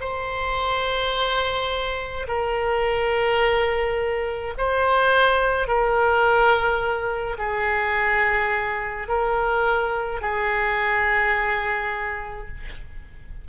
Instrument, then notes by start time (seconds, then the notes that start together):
oboe
0.00 C5
2.27 A#4
4.57 C5
5.68 A#4
7.38 G#4
9.08 A#4
10.21 G#4